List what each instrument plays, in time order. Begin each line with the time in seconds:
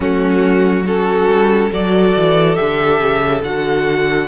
0.00 cello F#3, viola A3, violin C#4 F#4
0.84 viola C#4, violin F#4 A4
1.27 cello G3
1.69 cello F#3, viola F#4, violin A4 D5
2.16 cello E3
2.55 cello D3, viola G4, violin E5
2.99 cello C#3
3.43 cello D3, viola F#4, violin F#5